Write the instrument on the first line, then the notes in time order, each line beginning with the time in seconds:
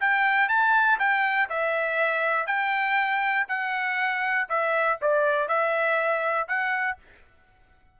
trumpet
0.00 G5
0.49 A5
0.99 G5
1.49 E5
2.47 G5
3.48 F#5
4.49 E5
5.02 D5
5.48 E5
6.48 F#5